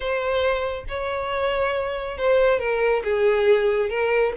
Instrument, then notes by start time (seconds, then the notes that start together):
violin
0.00 C5
0.88 C#5
2.17 C5
2.59 A#4
3.04 G#4
3.89 A#4